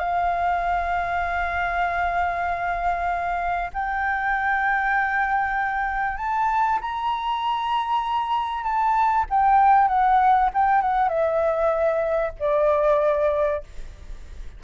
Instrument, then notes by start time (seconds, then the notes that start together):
flute
0.00 F5
3.74 G5
6.18 A5
6.82 A#5
8.64 A5
9.30 G5
9.88 F#5
10.54 G5
10.82 F#5
11.09 E5
12.40 D5